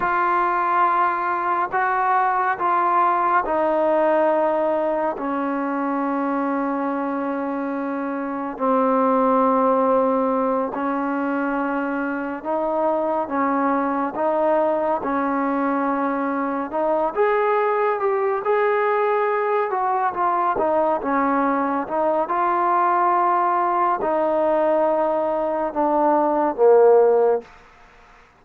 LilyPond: \new Staff \with { instrumentName = "trombone" } { \time 4/4 \tempo 4 = 70 f'2 fis'4 f'4 | dis'2 cis'2~ | cis'2 c'2~ | c'8 cis'2 dis'4 cis'8~ |
cis'8 dis'4 cis'2 dis'8 | gis'4 g'8 gis'4. fis'8 f'8 | dis'8 cis'4 dis'8 f'2 | dis'2 d'4 ais4 | }